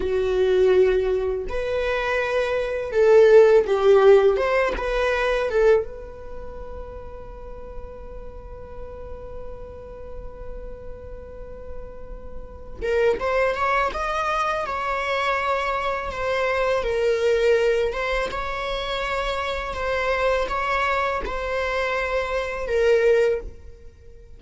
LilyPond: \new Staff \with { instrumentName = "viola" } { \time 4/4 \tempo 4 = 82 fis'2 b'2 | a'4 g'4 c''8 b'4 a'8 | b'1~ | b'1~ |
b'4. ais'8 c''8 cis''8 dis''4 | cis''2 c''4 ais'4~ | ais'8 c''8 cis''2 c''4 | cis''4 c''2 ais'4 | }